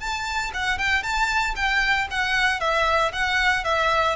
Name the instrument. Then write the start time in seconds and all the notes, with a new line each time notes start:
violin
0.00 A5
0.54 F#5
0.79 G5
1.03 A5
1.56 G5
2.11 F#5
2.61 E5
3.13 F#5
3.65 E5